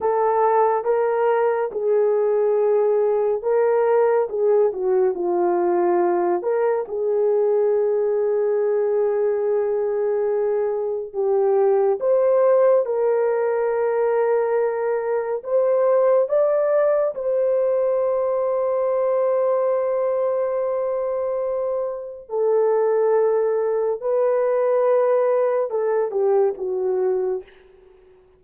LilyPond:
\new Staff \with { instrumentName = "horn" } { \time 4/4 \tempo 4 = 70 a'4 ais'4 gis'2 | ais'4 gis'8 fis'8 f'4. ais'8 | gis'1~ | gis'4 g'4 c''4 ais'4~ |
ais'2 c''4 d''4 | c''1~ | c''2 a'2 | b'2 a'8 g'8 fis'4 | }